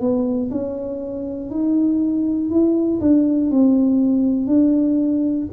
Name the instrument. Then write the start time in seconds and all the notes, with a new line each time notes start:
tuba
0.00 B3
0.51 C#4
1.50 D#4
2.50 E4
3.01 D4
3.50 C4
4.47 D4